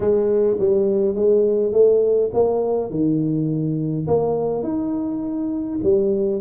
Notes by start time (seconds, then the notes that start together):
0.00 G#3
0.59 G3
1.15 G#3
1.72 A3
2.33 A#3
2.90 D#3
4.07 A#3
4.63 D#4
5.83 G3